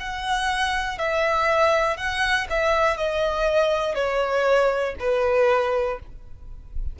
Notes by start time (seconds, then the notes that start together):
0.00 F#5
0.98 E5
1.97 F#5
2.50 E5
2.97 D#5
3.95 C#5
4.99 B4